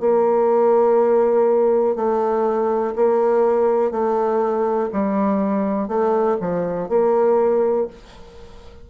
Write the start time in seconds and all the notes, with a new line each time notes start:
0.00 A#3
1.96 A3
2.96 A#3
3.92 A3
4.93 G3
5.88 A3
6.41 F3
6.89 A#3